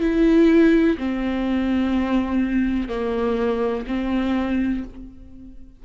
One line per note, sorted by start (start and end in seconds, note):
0.00 0.97 E4
0.98 2.88 C4
2.88 3.85 A#3
3.87 4.84 C4